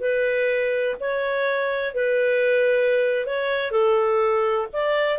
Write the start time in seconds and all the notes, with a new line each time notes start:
0.00 B4
1.00 C#5
1.94 B4
3.26 C#5
3.71 A4
4.73 D5